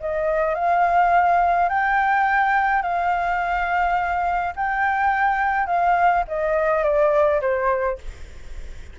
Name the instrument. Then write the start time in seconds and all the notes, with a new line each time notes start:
flute
0.00 D#5
0.55 F5
1.69 G5
2.82 F5
4.56 G5
5.66 F5
6.28 D#5
6.83 D5
7.41 C5